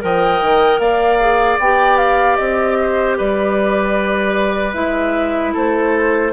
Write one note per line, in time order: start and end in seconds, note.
0.00 0.41 F3
0.00 1.18 A#4
0.00 0.80 D#5
0.00 0.79 G5
0.41 0.79 D#3
0.79 1.58 A#3
0.79 2.77 D5
0.79 1.58 F5
1.19 1.59 G#4
1.59 2.37 B3
1.59 4.73 G4
1.59 1.97 G5
1.97 2.36 F5
2.36 3.18 C4
2.36 3.15 D#5
2.82 3.17 C5
3.17 4.75 G3
3.17 5.53 B4
3.17 4.73 D5
4.73 5.53 G#3
4.73 6.31 E4
4.73 5.52 E5
5.53 6.32 A3
5.53 6.32 A4
5.53 6.32 C5